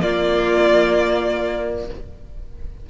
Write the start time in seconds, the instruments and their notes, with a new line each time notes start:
0.00 viola A#3, cello A#3, violin F4 D5